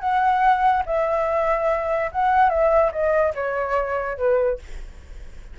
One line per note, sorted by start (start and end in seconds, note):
0.00 0.83 F#5
0.86 2.11 E5
2.12 2.50 F#5
2.50 2.91 E5
2.92 3.34 D#5
3.35 4.18 C#5
4.18 4.59 B4